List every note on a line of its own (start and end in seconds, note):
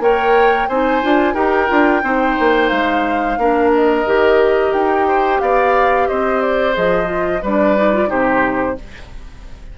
0.00 0.67 A#3
0.00 0.69 A#4
0.00 0.69 C#5
0.00 0.69 G5
0.69 1.03 C4
0.69 1.03 D#4
0.69 1.35 C5
0.69 1.35 G#5
1.03 1.35 D4
1.03 1.35 F4
1.35 1.69 D#4
1.35 1.68 G4
1.35 2.02 A#4
1.35 2.70 G5
1.68 2.03 D4
1.68 2.02 F4
2.03 2.37 C4
2.03 3.39 D#4
2.03 3.39 C5
2.40 2.72 A#3
2.70 3.38 G#3
2.70 3.71 F5
3.38 4.06 A#3
3.38 4.06 D4
3.38 5.08 A#4
3.75 4.73 D#5
4.06 4.74 D#3
4.06 6.74 G4
4.73 5.41 D#4
4.73 5.41 G5
5.08 5.42 C5
5.41 6.09 B3
5.41 6.09 D5
5.41 6.08 F5
6.08 6.77 C4
6.08 7.43 C5
6.08 6.42 D#5
6.42 6.75 D5
6.74 7.43 F3
6.74 7.05 G#4
6.74 7.44 D#5
7.05 7.39 F4
7.43 8.11 G3
7.43 7.77 D4
7.43 8.10 B4
7.43 8.11 D5
7.77 7.94 D#4
7.94 8.08 F4
8.08 8.79 C3
8.08 8.75 D#4
8.08 8.77 G4
8.08 8.79 C5